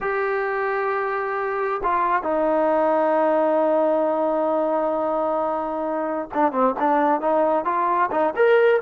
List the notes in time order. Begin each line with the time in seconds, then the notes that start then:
0.00 G4
1.83 F4
2.22 D#4
6.33 D4
6.52 C4
6.79 D4
7.20 D#4
7.64 F4
8.11 D#4
8.35 A#4